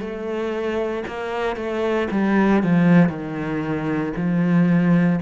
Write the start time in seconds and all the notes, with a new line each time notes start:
0.00 A3
1.08 A#3
1.56 A3
2.11 G3
2.63 F3
3.09 D#3
4.16 F3